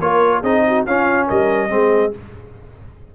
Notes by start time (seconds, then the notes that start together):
0.00 A#3 F4 A#4 C#5
0.41 C4 D#4 G#4 D#5
0.67 F#4
0.86 C#4 F4 F5
1.27 G3 A#4 D#5
1.69 G#3 C4 G#4